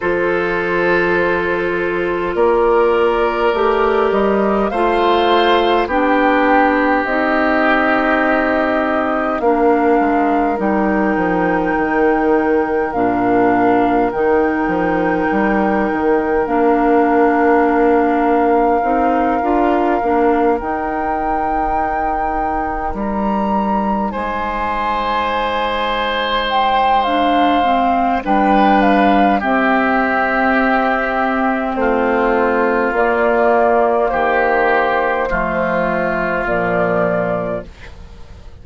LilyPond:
<<
  \new Staff \with { instrumentName = "flute" } { \time 4/4 \tempo 4 = 51 c''2 d''4. dis''8 | f''4 g''4 dis''2 | f''4 g''2 f''4 | g''2 f''2~ |
f''4. g''2 ais''8~ | ais''8 gis''2 g''8 f''4 | g''8 f''8 e''2 c''4 | d''4 c''2 d''4 | }
  \new Staff \with { instrumentName = "oboe" } { \time 4/4 a'2 ais'2 | c''4 g'2. | ais'1~ | ais'1~ |
ais'1~ | ais'8 c''2.~ c''8 | b'4 g'2 f'4~ | f'4 g'4 f'2 | }
  \new Staff \with { instrumentName = "clarinet" } { \time 4/4 f'2. g'4 | f'4 d'4 dis'2 | d'4 dis'2 d'4 | dis'2 d'2 |
dis'8 f'8 d'8 dis'2~ dis'8~ | dis'2. d'8 c'8 | d'4 c'2. | ais2 a4 f4 | }
  \new Staff \with { instrumentName = "bassoon" } { \time 4/4 f2 ais4 a8 g8 | a4 b4 c'2 | ais8 gis8 g8 f8 dis4 ais,4 | dis8 f8 g8 dis8 ais2 |
c'8 d'8 ais8 dis'2 g8~ | g8 gis2.~ gis8 | g4 c'2 a4 | ais4 dis4 f4 ais,4 | }
>>